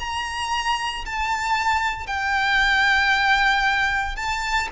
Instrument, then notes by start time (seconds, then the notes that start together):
violin
0.00 A#5
1.06 A5
2.07 G5
4.16 A5